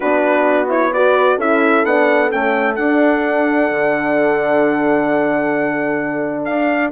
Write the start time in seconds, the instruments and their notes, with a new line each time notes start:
0.00 bassoon B3, horn D4 F#4, trumpet B4
0.68 horn E4, trumpet C#5
0.93 horn F#4 B4, trumpet D5
1.36 bassoon C#4, horn E4 A4, trumpet E5
1.84 bassoon B3, horn D4, trumpet F#5
2.30 bassoon A3, horn C#4, trumpet G5
2.75 horn D4, bassoon D4, trumpet F#5
3.70 bassoon D3
6.44 bassoon D4, trumpet F5